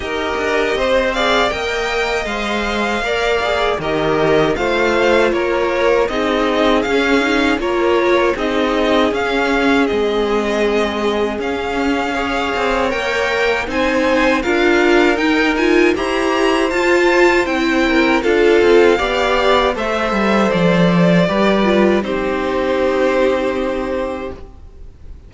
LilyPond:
<<
  \new Staff \with { instrumentName = "violin" } { \time 4/4 \tempo 4 = 79 dis''4. f''8 g''4 f''4~ | f''4 dis''4 f''4 cis''4 | dis''4 f''4 cis''4 dis''4 | f''4 dis''2 f''4~ |
f''4 g''4 gis''4 f''4 | g''8 gis''8 ais''4 a''4 g''4 | f''2 e''4 d''4~ | d''4 c''2. | }
  \new Staff \with { instrumentName = "violin" } { \time 4/4 ais'4 c''8 d''8 dis''2 | d''4 ais'4 c''4 ais'4 | gis'2 ais'4 gis'4~ | gis'1 |
cis''2 c''4 ais'4~ | ais'4 c''2~ c''8 ais'8 | a'4 d''4 c''2 | b'4 g'2. | }
  \new Staff \with { instrumentName = "viola" } { \time 4/4 g'4. gis'8 ais'4 c''4 | ais'8 gis'8 g'4 f'2 | dis'4 cis'8 dis'8 f'4 dis'4 | cis'4 c'2 cis'4 |
gis'4 ais'4 dis'4 f'4 | dis'8 f'8 g'4 f'4 e'4 | f'4 g'4 a'2 | g'8 f'8 dis'2. | }
  \new Staff \with { instrumentName = "cello" } { \time 4/4 dis'8 d'8 c'4 ais4 gis4 | ais4 dis4 a4 ais4 | c'4 cis'4 ais4 c'4 | cis'4 gis2 cis'4~ |
cis'8 c'8 ais4 c'4 d'4 | dis'4 e'4 f'4 c'4 | d'8 c'8 b4 a8 g8 f4 | g4 c'2. | }
>>